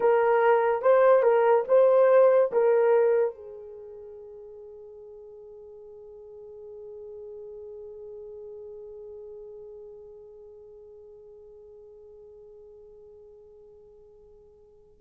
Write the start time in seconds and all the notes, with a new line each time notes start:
0.00 A#4
0.81 C5
1.22 A#4
1.68 C5
2.52 A#4
3.34 G#4